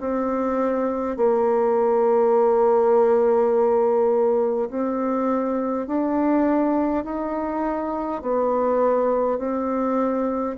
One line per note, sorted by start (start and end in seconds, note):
0.00 1.16 C4
1.16 4.69 A#3
4.70 5.87 C4
5.87 7.04 D4
7.04 8.21 D#4
8.21 9.38 B3
9.38 10.56 C4